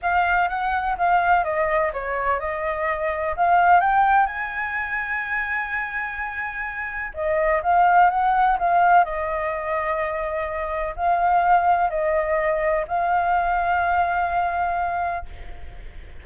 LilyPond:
\new Staff \with { instrumentName = "flute" } { \time 4/4 \tempo 4 = 126 f''4 fis''4 f''4 dis''4 | cis''4 dis''2 f''4 | g''4 gis''2.~ | gis''2. dis''4 |
f''4 fis''4 f''4 dis''4~ | dis''2. f''4~ | f''4 dis''2 f''4~ | f''1 | }